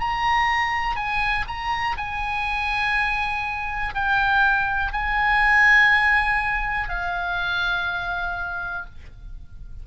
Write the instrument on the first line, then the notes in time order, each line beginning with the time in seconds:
oboe
0.00 A#5
0.96 G#5
1.47 A#5
1.97 G#5
3.94 G5
4.92 G#5
6.89 F5